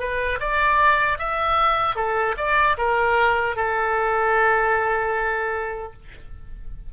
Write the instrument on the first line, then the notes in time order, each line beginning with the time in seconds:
oboe
0.00 B4
0.41 D5
1.19 E5
1.96 A4
2.38 D5
2.78 A#4
3.56 A4